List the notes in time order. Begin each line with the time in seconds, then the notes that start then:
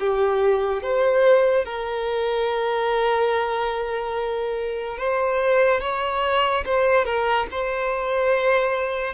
0.00 G4
0.83 C5
1.65 A#4
4.98 C5
5.81 C#5
6.66 C5
7.05 A#4
7.51 C5